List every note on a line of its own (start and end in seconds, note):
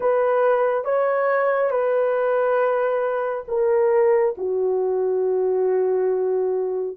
0.00 0.84 B4
0.84 1.70 C#5
1.70 3.44 B4
3.48 4.35 A#4
4.37 6.97 F#4